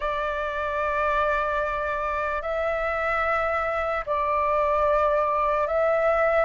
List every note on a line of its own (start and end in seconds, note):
0.00 2.42 D5
2.42 4.04 E5
4.06 5.67 D5
5.67 6.45 E5